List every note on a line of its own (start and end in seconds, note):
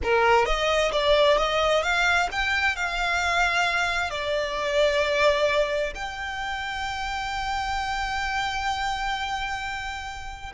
0.03 0.45 A#4
0.45 0.91 D#5
0.92 1.37 D5
1.37 1.82 D#5
1.82 2.28 F5
2.31 2.75 G5
2.75 4.10 F5
4.10 5.93 D5
5.94 10.52 G5